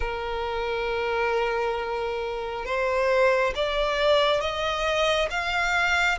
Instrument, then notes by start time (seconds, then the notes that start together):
violin
0.00 A#4
2.65 C5
3.55 D5
4.40 D#5
5.30 F5